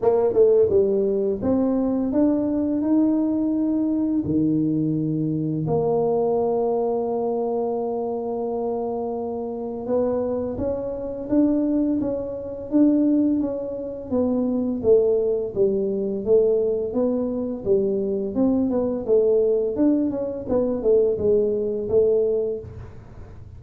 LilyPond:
\new Staff \with { instrumentName = "tuba" } { \time 4/4 \tempo 4 = 85 ais8 a8 g4 c'4 d'4 | dis'2 dis2 | ais1~ | ais2 b4 cis'4 |
d'4 cis'4 d'4 cis'4 | b4 a4 g4 a4 | b4 g4 c'8 b8 a4 | d'8 cis'8 b8 a8 gis4 a4 | }